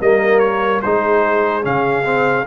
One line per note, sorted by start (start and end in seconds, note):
0.00 0.83 G3
0.00 0.83 A#3
0.00 0.82 A#4
0.00 0.39 D#5
0.39 0.80 C#5
0.82 1.65 G#3
0.82 1.62 D#4
0.82 2.47 G#4
0.82 1.64 C5
1.62 2.47 C#3
1.62 2.03 C#4
1.62 2.47 F5
2.04 2.45 C4